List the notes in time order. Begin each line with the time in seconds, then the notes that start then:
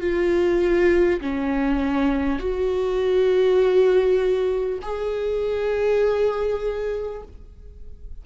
0.00 F4
1.21 C#4
2.39 F#4
4.82 G#4